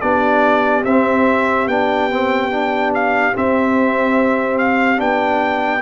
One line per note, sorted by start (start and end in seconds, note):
0.00 0.84 B3
0.00 0.86 D4
0.00 5.82 G4
0.00 0.84 D5
0.84 1.67 C4
0.84 1.69 C4
0.84 1.68 E5
1.67 3.33 B3
1.67 2.11 D4
1.67 2.93 G5
2.11 2.51 C4
2.51 3.34 D4
2.94 3.36 F5
3.34 4.97 C4
3.34 5.00 C4
3.34 4.58 E5
4.58 5.00 F5
4.97 5.82 B3
4.97 5.80 D4
4.97 5.82 G5